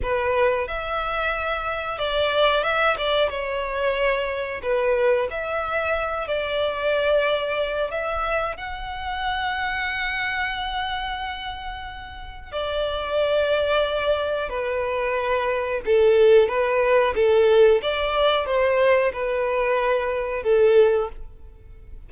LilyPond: \new Staff \with { instrumentName = "violin" } { \time 4/4 \tempo 4 = 91 b'4 e''2 d''4 | e''8 d''8 cis''2 b'4 | e''4. d''2~ d''8 | e''4 fis''2.~ |
fis''2. d''4~ | d''2 b'2 | a'4 b'4 a'4 d''4 | c''4 b'2 a'4 | }